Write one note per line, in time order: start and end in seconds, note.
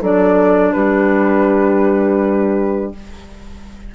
0.00 0.75 F#3
0.00 2.94 D4
0.00 0.73 A4
0.00 0.73 D5
0.73 2.95 G3
0.73 2.94 G4
0.73 2.92 B4